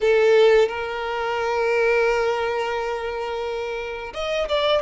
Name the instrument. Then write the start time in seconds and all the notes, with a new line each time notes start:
violin
0.01 A4
0.68 A#4
4.13 D#5
4.48 D5